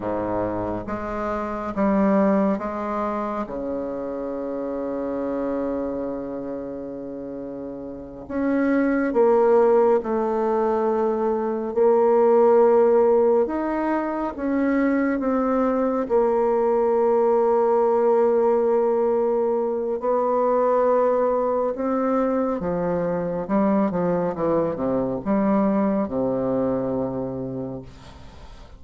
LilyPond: \new Staff \with { instrumentName = "bassoon" } { \time 4/4 \tempo 4 = 69 gis,4 gis4 g4 gis4 | cis1~ | cis4. cis'4 ais4 a8~ | a4. ais2 dis'8~ |
dis'8 cis'4 c'4 ais4.~ | ais2. b4~ | b4 c'4 f4 g8 f8 | e8 c8 g4 c2 | }